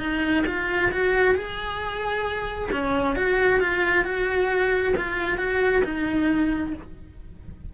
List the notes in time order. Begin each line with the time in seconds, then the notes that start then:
0.00 D#4
0.47 F4
0.92 F#4
1.35 G#4
2.72 C#4
3.16 F#4
3.60 F4
4.05 F#4
4.97 F4
5.38 F#4
5.84 D#4